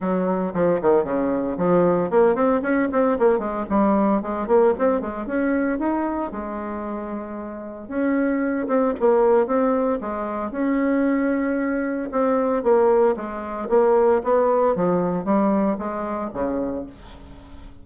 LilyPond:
\new Staff \with { instrumentName = "bassoon" } { \time 4/4 \tempo 4 = 114 fis4 f8 dis8 cis4 f4 | ais8 c'8 cis'8 c'8 ais8 gis8 g4 | gis8 ais8 c'8 gis8 cis'4 dis'4 | gis2. cis'4~ |
cis'8 c'8 ais4 c'4 gis4 | cis'2. c'4 | ais4 gis4 ais4 b4 | f4 g4 gis4 cis4 | }